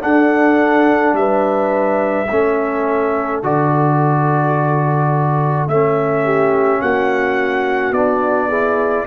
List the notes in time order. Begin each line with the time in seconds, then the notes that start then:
0.00 D4 A4 F#5
1.13 G3 B4 E5
2.30 A3 C#4 A4
3.43 D3 F#4 D5
5.68 A3 C#4 E5
6.24 G4
6.81 A#3 F#4 F#5
7.92 B3 D4 D5
8.48 E4 G#4